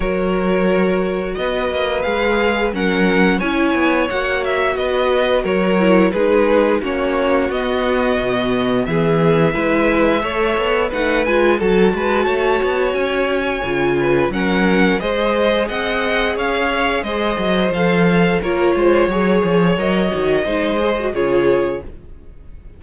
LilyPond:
<<
  \new Staff \with { instrumentName = "violin" } { \time 4/4 \tempo 4 = 88 cis''2 dis''4 f''4 | fis''4 gis''4 fis''8 e''8 dis''4 | cis''4 b'4 cis''4 dis''4~ | dis''4 e''2. |
fis''8 gis''8 a''2 gis''4~ | gis''4 fis''4 dis''4 fis''4 | f''4 dis''4 f''4 cis''4~ | cis''4 dis''2 cis''4 | }
  \new Staff \with { instrumentName = "violin" } { \time 4/4 ais'2 b'2 | ais'4 cis''2 b'4 | ais'4 gis'4 fis'2~ | fis'4 gis'4 b'4 cis''4 |
b'4 a'8 b'8 cis''2~ | cis''8 b'8 ais'4 c''4 dis''4 | cis''4 c''2 ais'8 c''8 | cis''2 c''4 gis'4 | }
  \new Staff \with { instrumentName = "viola" } { \time 4/4 fis'2. gis'4 | cis'4 e'4 fis'2~ | fis'8 e'8 dis'4 cis'4 b4~ | b2 e'4 a'4 |
dis'8 f'8 fis'2. | f'4 cis'4 gis'2~ | gis'2 a'4 f'4 | gis'4 ais'8 fis'8 dis'8 gis'16 fis'16 f'4 | }
  \new Staff \with { instrumentName = "cello" } { \time 4/4 fis2 b8 ais8 gis4 | fis4 cis'8 b8 ais4 b4 | fis4 gis4 ais4 b4 | b,4 e4 gis4 a8 b8 |
a8 gis8 fis8 gis8 a8 b8 cis'4 | cis4 fis4 gis4 c'4 | cis'4 gis8 fis8 f4 ais8 gis8 | fis8 f8 fis8 dis8 gis4 cis4 | }
>>